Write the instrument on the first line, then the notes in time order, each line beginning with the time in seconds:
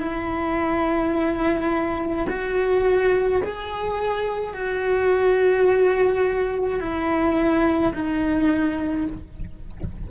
cello
0.00 E4
2.29 F#4
3.44 G#4
4.54 F#4
6.80 E4
7.94 D#4